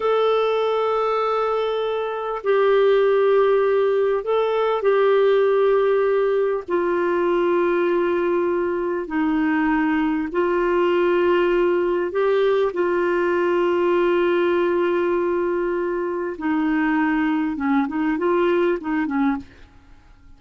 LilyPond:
\new Staff \with { instrumentName = "clarinet" } { \time 4/4 \tempo 4 = 99 a'1 | g'2. a'4 | g'2. f'4~ | f'2. dis'4~ |
dis'4 f'2. | g'4 f'2.~ | f'2. dis'4~ | dis'4 cis'8 dis'8 f'4 dis'8 cis'8 | }